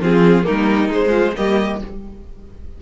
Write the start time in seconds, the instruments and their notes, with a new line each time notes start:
0.00 cello F3, viola C4, violin F4 G#4
0.43 viola A#3, violin D#4 A#4
0.49 cello G3
0.89 cello G#3, viola G#3, violin C5
1.09 violin F4
1.36 cello G3, viola A#3, violin G4 D#5